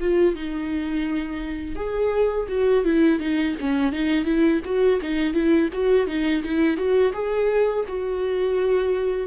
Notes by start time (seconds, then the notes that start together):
0.00 F4
0.35 D#4
1.75 G#4
2.48 F#4
2.84 E4
3.19 D#4
3.60 C#4
3.92 D#4
4.25 E4
4.65 F#4
5.02 D#4
5.33 E4
5.72 F#4
6.07 D#4
6.43 E4
6.77 F#4
7.13 G#4
7.88 F#4